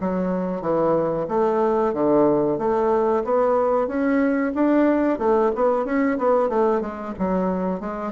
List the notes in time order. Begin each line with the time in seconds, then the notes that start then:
0.00 F#3
0.61 E3
1.28 A3
1.94 D3
2.58 A3
3.24 B3
3.87 C#4
4.55 D4
5.18 A3
5.55 B3
5.85 C#4
6.18 B3
6.49 A3
6.81 G#3
7.19 F#3
7.80 G#3